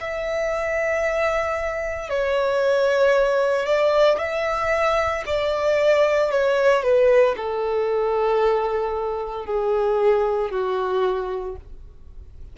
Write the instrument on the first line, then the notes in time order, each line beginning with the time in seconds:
violin
0.00 E5
2.09 C#5
3.66 D5
4.18 E5
5.26 D5
6.30 C#5
6.82 B4
7.36 A4
9.45 G#4
10.51 F#4